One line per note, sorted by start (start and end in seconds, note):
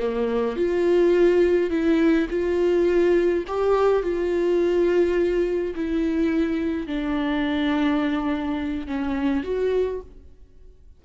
0.00 0.56 A#3
0.56 1.71 F4
1.71 2.28 E4
2.30 3.45 F4
3.48 4.03 G4
4.03 5.75 F4
5.75 6.87 E4
6.87 8.87 D4
8.87 9.44 C#4
9.44 10.01 F#4